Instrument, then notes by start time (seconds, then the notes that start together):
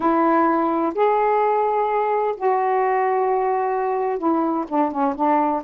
saxophone
0.00 E4
0.94 G#4
2.36 F#4
4.18 E4
4.68 D4
4.91 C#4
5.15 D4